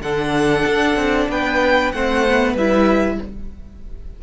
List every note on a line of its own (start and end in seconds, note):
0.00 0.64 D3
0.00 1.95 D4
0.00 1.30 A4
0.00 1.29 F#5
0.66 0.96 D4
0.96 1.28 C4
1.28 1.92 B3
1.28 1.94 B4
1.28 1.91 G5
1.91 2.54 A3
1.91 2.27 C4
1.91 2.52 C5
1.91 2.55 F#5
2.28 2.59 B3
2.52 3.18 G3
2.52 3.16 B4
2.52 3.21 E5
2.59 3.22 E4